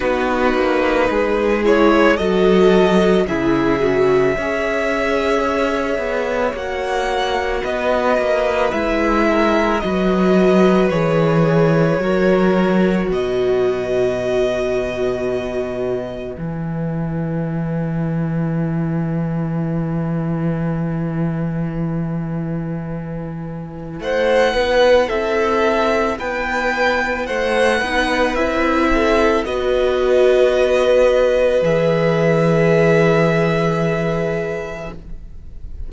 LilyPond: <<
  \new Staff \with { instrumentName = "violin" } { \time 4/4 \tempo 4 = 55 b'4. cis''8 dis''4 e''4~ | e''2 fis''4 dis''4 | e''4 dis''4 cis''2 | dis''2. gis''4~ |
gis''1~ | gis''2 fis''4 e''4 | g''4 fis''4 e''4 dis''4~ | dis''4 e''2. | }
  \new Staff \with { instrumentName = "violin" } { \time 4/4 fis'4 gis'4 a'4 gis'4 | cis''2. b'4~ | b'8 ais'8 b'2 ais'4 | b'1~ |
b'1~ | b'2 c''8 b'8 a'4 | b'4 c''8 b'4 a'8 b'4~ | b'1 | }
  \new Staff \with { instrumentName = "viola" } { \time 4/4 dis'4. e'8 fis'4 e'8 fis'8 | gis'2 fis'2 | e'4 fis'4 gis'4 fis'4~ | fis'2. e'4~ |
e'1~ | e'1~ | e'4. dis'8 e'4 fis'4~ | fis'4 gis'2. | }
  \new Staff \with { instrumentName = "cello" } { \time 4/4 b8 ais8 gis4 fis4 cis4 | cis'4. b8 ais4 b8 ais8 | gis4 fis4 e4 fis4 | b,2. e4~ |
e1~ | e2 a8 b8 c'4 | b4 a8 b8 c'4 b4~ | b4 e2. | }
>>